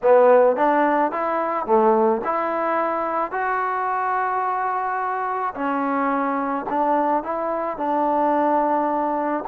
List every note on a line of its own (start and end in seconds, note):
0.02 0.56 B3
0.56 1.11 D4
1.11 1.66 E4
1.66 2.21 A3
2.24 3.31 E4
3.31 5.54 F#4
5.54 6.65 C#4
6.69 7.23 D4
7.23 7.77 E4
7.77 9.43 D4